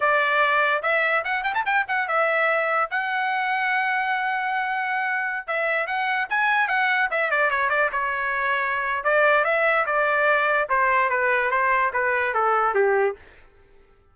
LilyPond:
\new Staff \with { instrumentName = "trumpet" } { \time 4/4 \tempo 4 = 146 d''2 e''4 fis''8 g''16 a''16 | g''8 fis''8 e''2 fis''4~ | fis''1~ | fis''4~ fis''16 e''4 fis''4 gis''8.~ |
gis''16 fis''4 e''8 d''8 cis''8 d''8 cis''8.~ | cis''2 d''4 e''4 | d''2 c''4 b'4 | c''4 b'4 a'4 g'4 | }